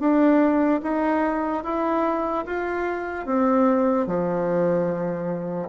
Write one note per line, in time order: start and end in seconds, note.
0.00 0.81 D4
0.83 1.64 D#4
1.64 2.45 E4
2.46 3.26 F4
3.26 4.07 C4
4.07 5.69 F3